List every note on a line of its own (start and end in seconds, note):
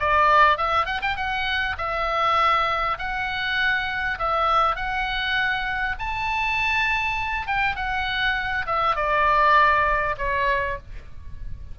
0.00 0.58 D5
0.58 0.86 E5
0.86 1.01 F#5
1.02 1.16 G5
1.16 1.76 F#5
1.78 2.98 E5
2.98 4.18 F#5
4.19 4.76 E5
4.76 5.96 F#5
5.99 7.47 A5
7.47 7.76 G5
7.76 8.66 F#5
8.66 8.96 E5
8.96 10.16 D5
10.18 10.78 C#5